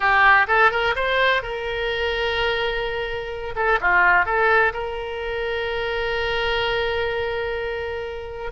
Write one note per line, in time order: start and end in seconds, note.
0.00 0.47 G4
0.47 0.71 A4
0.71 0.94 A#4
0.95 1.42 C5
1.42 3.54 A#4
3.55 3.79 A4
3.80 4.25 F4
4.25 4.72 A4
4.73 8.51 A#4